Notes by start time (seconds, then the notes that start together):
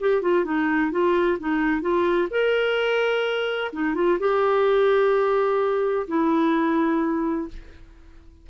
0.00 G4
0.22 F4
0.45 D#4
0.91 F4
1.40 D#4
1.82 F4
2.31 A#4
3.72 D#4
3.95 F4
4.19 G4
6.07 E4